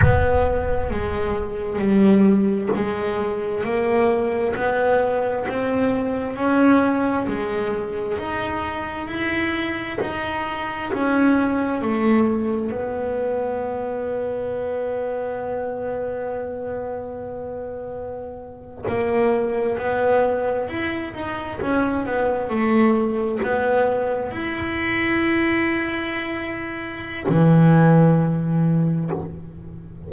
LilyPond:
\new Staff \with { instrumentName = "double bass" } { \time 4/4 \tempo 4 = 66 b4 gis4 g4 gis4 | ais4 b4 c'4 cis'4 | gis4 dis'4 e'4 dis'4 | cis'4 a4 b2~ |
b1~ | b8. ais4 b4 e'8 dis'8 cis'16~ | cis'16 b8 a4 b4 e'4~ e'16~ | e'2 e2 | }